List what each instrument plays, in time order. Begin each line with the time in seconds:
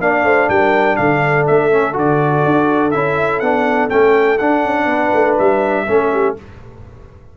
0.00 tuba A#3, trombone D4, horn D5, trumpet F5
0.24 tuba A3, horn C5
0.49 tuba G3, horn A#4, trumpet G5
0.96 tuba D3, horn A4, trumpet F5
1.47 tuba A3, trumpet E5
1.71 trombone C#4
1.93 tuba D3, trombone F#4, trumpet D5
2.45 tuba D4
2.91 tuba C#4, trombone E4, trumpet E5
3.40 tuba B3, trombone D4, trumpet F#5
3.89 tuba A3, trombone C#4, trumpet G5
4.38 trombone D4, tuba D4, trumpet F#5
4.66 tuba C#4
4.86 tuba B3, horn B4
5.13 tuba A3
5.39 tuba G3, trumpet E5
5.87 tuba A3, trombone C#4, horn A4
6.13 horn G4